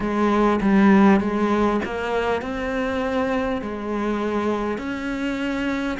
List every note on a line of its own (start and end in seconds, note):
0.00 0.60 G#3
0.61 1.20 G3
1.20 1.80 G#3
1.84 2.41 A#3
2.41 3.61 C4
3.61 4.77 G#3
4.77 5.97 C#4